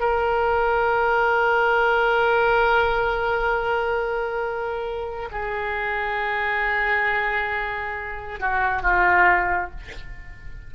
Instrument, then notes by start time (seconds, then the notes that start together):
oboe
0.00 A#4
5.31 G#4
8.40 F#4
8.82 F4